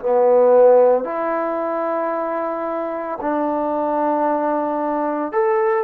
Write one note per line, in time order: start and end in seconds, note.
0.00 1.04 B3
1.04 3.19 E4
3.21 5.32 D4
5.32 5.84 A4